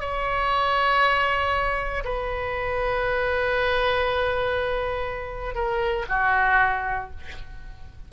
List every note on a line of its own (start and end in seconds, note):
0.00 2.03 C#5
2.04 5.55 B4
5.55 6.06 A#4
6.09 7.10 F#4